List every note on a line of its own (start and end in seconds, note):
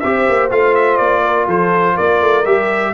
0.00 0.29 C4
0.00 0.51 G4
0.00 1.24 C5
0.00 0.48 E5
0.29 0.51 A#3
0.51 1.00 A3
0.51 2.44 F4
0.51 0.75 F5
0.75 0.97 E5
0.97 1.47 A#3
0.97 1.46 D5
1.25 1.47 A#4
1.47 1.96 F3
1.47 1.95 A4
1.47 1.97 C5
1.95 2.21 A#3
1.95 2.92 A#4
1.95 2.45 D5
2.21 2.45 A3
2.45 2.94 G3
2.45 2.94 G4
2.45 2.94 E5